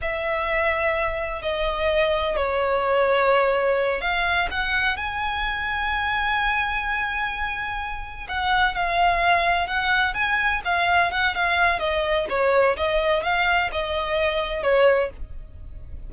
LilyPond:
\new Staff \with { instrumentName = "violin" } { \time 4/4 \tempo 4 = 127 e''2. dis''4~ | dis''4 cis''2.~ | cis''8 f''4 fis''4 gis''4.~ | gis''1~ |
gis''4. fis''4 f''4.~ | f''8 fis''4 gis''4 f''4 fis''8 | f''4 dis''4 cis''4 dis''4 | f''4 dis''2 cis''4 | }